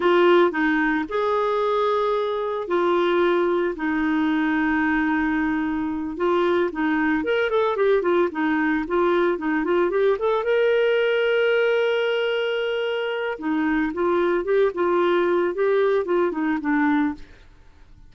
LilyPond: \new Staff \with { instrumentName = "clarinet" } { \time 4/4 \tempo 4 = 112 f'4 dis'4 gis'2~ | gis'4 f'2 dis'4~ | dis'2.~ dis'8 f'8~ | f'8 dis'4 ais'8 a'8 g'8 f'8 dis'8~ |
dis'8 f'4 dis'8 f'8 g'8 a'8 ais'8~ | ais'1~ | ais'4 dis'4 f'4 g'8 f'8~ | f'4 g'4 f'8 dis'8 d'4 | }